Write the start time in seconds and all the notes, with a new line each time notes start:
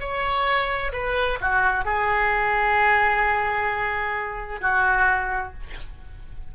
0.00 C#5
0.93 B4
1.41 F#4
1.85 G#4
4.61 F#4